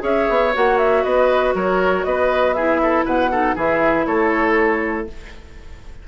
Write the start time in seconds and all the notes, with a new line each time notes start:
0.00 C#4 G#4 C#5 E5
0.29 B3
0.54 A#3 F#4 F#5
0.78 E5
1.03 B3 B4 D#5
1.54 F#3 A#4 C#5
2.04 B3 B4 D#5
2.53 E4 G#4 E5
2.82 A4
3.05 B2 B4 F#5
3.31 D#4 A4
3.55 E3 E4 G#4 E5
4.06 A3 A4 C#5